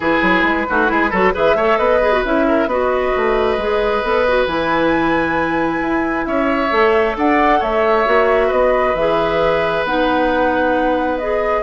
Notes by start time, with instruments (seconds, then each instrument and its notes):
0.00 bassoon E3, clarinet E4, oboe G#4, flute B4
0.22 bassoon F#3
0.43 bassoon G#3
0.69 bassoon A3, clarinet D#4, oboe F#4
0.86 bassoon G#3, clarinet E4, oboe G#4
1.10 bassoon F#3, clarinet F#4, oboe A4
1.33 bassoon E3, clarinet G#4, oboe B4, flute E5
1.55 bassoon A3, clarinet A4, oboe C#5
1.77 bassoon B3, oboe B4, flute D#5
2.01 clarinet G#4
2.12 clarinet F#4
2.24 bassoon C#4, clarinet E4, flute E5
2.47 oboe A#4
2.66 bassoon B3, clarinet F#4, oboe B4, flute D#5
3.16 bassoon A3
3.57 bassoon G#3, clarinet G#4
4.03 bassoon B3, clarinet A4
4.28 clarinet F#4
4.46 bassoon E3, clarinet E4, flute G#5
5.80 bassoon E4
6.25 bassoon C#4, oboe C#5, flute E5
6.70 bassoon A3, clarinet A4
7.16 bassoon D4, oboe D5, flute F#5
7.59 bassoon A3, oboe C#5, flute E5
8.05 bassoon A#3, clarinet F#4
8.47 bassoon B3, oboe B4, flute D#5
8.94 bassoon E3, clarinet G#4, flute E5
9.83 bassoon B3, clarinet D#4, flute F#5
11.18 clarinet G#4, flute D#5